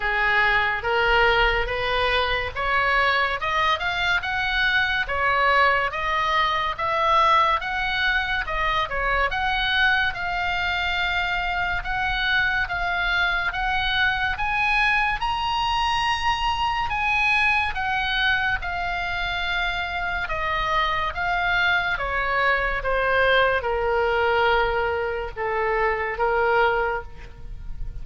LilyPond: \new Staff \with { instrumentName = "oboe" } { \time 4/4 \tempo 4 = 71 gis'4 ais'4 b'4 cis''4 | dis''8 f''8 fis''4 cis''4 dis''4 | e''4 fis''4 dis''8 cis''8 fis''4 | f''2 fis''4 f''4 |
fis''4 gis''4 ais''2 | gis''4 fis''4 f''2 | dis''4 f''4 cis''4 c''4 | ais'2 a'4 ais'4 | }